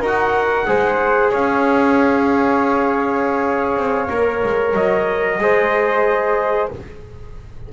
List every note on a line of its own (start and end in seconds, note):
0.00 0.65 D#4
0.00 0.66 F#4
0.00 0.66 A#4
0.06 1.33 F#5
0.66 1.33 G#3
0.66 4.09 G#4
0.66 1.31 C5
1.31 3.76 C#4
1.31 5.38 C#5
1.31 4.75 F5
3.76 4.09 C4
4.09 4.43 A#3
4.09 5.39 A#4
4.44 4.74 G#3
4.74 5.38 F#3
4.74 6.70 D#5
5.38 6.69 G#3
5.38 6.72 G#4
5.38 6.73 C5